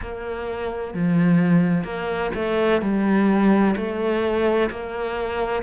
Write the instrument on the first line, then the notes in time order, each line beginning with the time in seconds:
cello
0.01 A#3
0.94 F3
1.84 A#3
2.34 A3
2.81 G3
3.76 A3
4.70 A#3